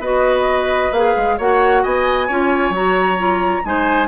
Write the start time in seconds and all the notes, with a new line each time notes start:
0.00 B3 F#4 B4 D#5
0.92 A#3 G#4 F5
1.17 G#3
1.38 A#3 F#4 C#5 F#5
1.83 B3 D#5 G#5
2.28 C#4 F4 C#5
2.70 F#3 F#4 A#5
3.18 F4
3.65 G#3 D#4 C5 G#5